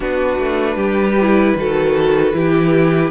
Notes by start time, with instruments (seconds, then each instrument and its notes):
0.00 cello B3, viola D4, violin F#4 B4
0.38 cello A3
0.76 cello G3, violin G4
1.21 viola E4
1.55 cello D#3, viola F#4, violin A4
2.33 cello E3, viola E4, violin G4